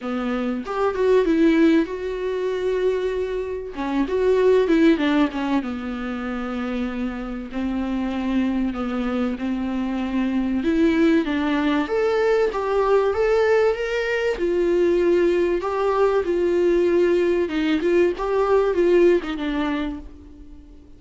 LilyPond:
\new Staff \with { instrumentName = "viola" } { \time 4/4 \tempo 4 = 96 b4 g'8 fis'8 e'4 fis'4~ | fis'2 cis'8 fis'4 e'8 | d'8 cis'8 b2. | c'2 b4 c'4~ |
c'4 e'4 d'4 a'4 | g'4 a'4 ais'4 f'4~ | f'4 g'4 f'2 | dis'8 f'8 g'4 f'8. dis'16 d'4 | }